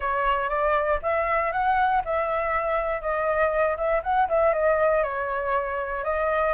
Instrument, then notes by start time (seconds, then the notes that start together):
flute
0.00 C#5
0.49 D5
1.02 E5
1.51 F#5
2.04 E5
3.01 D#5
3.77 E5
4.03 F#5
4.29 E5
4.53 D#5
5.03 C#5
6.03 D#5